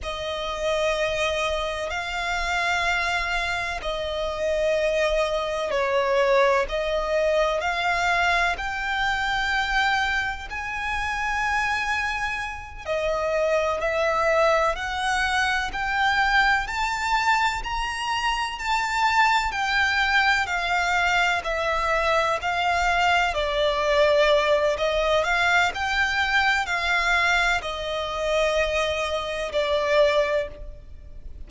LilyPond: \new Staff \with { instrumentName = "violin" } { \time 4/4 \tempo 4 = 63 dis''2 f''2 | dis''2 cis''4 dis''4 | f''4 g''2 gis''4~ | gis''4. dis''4 e''4 fis''8~ |
fis''8 g''4 a''4 ais''4 a''8~ | a''8 g''4 f''4 e''4 f''8~ | f''8 d''4. dis''8 f''8 g''4 | f''4 dis''2 d''4 | }